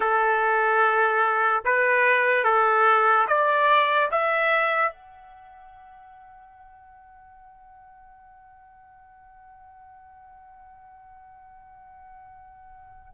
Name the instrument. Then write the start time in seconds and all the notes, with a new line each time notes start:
trumpet
0.00 A4
1.64 B4
2.44 A4
3.27 D5
4.11 E5
4.92 F#5